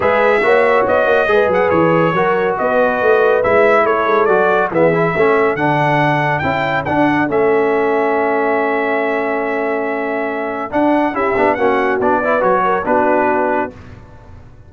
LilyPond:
<<
  \new Staff \with { instrumentName = "trumpet" } { \time 4/4 \tempo 4 = 140 e''2 dis''4. fis''8 | cis''2 dis''2 | e''4 cis''4 d''4 e''4~ | e''4 fis''2 g''4 |
fis''4 e''2.~ | e''1~ | e''4 fis''4 e''4 fis''4 | d''4 cis''4 b'2 | }
  \new Staff \with { instrumentName = "horn" } { \time 4/4 b'4 cis''2 b'4~ | b'4 ais'4 b'2~ | b'4 a'2 gis'4 | a'1~ |
a'1~ | a'1~ | a'2 g'4 fis'4~ | fis'8 b'4 ais'8 fis'2 | }
  \new Staff \with { instrumentName = "trombone" } { \time 4/4 gis'4 fis'2 gis'4~ | gis'4 fis'2. | e'2 fis'4 b8 e'8 | cis'4 d'2 e'4 |
d'4 cis'2.~ | cis'1~ | cis'4 d'4 e'8 d'8 cis'4 | d'8 e'8 fis'4 d'2 | }
  \new Staff \with { instrumentName = "tuba" } { \time 4/4 gis4 ais4 b8 ais8 gis8 fis8 | e4 fis4 b4 a4 | gis4 a8 gis8 fis4 e4 | a4 d2 cis'4 |
d'4 a2.~ | a1~ | a4 d'4 cis'8 b8 ais4 | b4 fis4 b2 | }
>>